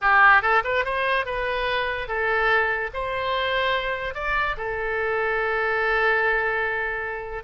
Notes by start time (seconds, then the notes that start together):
0.01 G4
0.42 A4
0.64 B4
0.84 C5
1.25 B4
2.07 A4
2.93 C5
4.14 D5
4.57 A4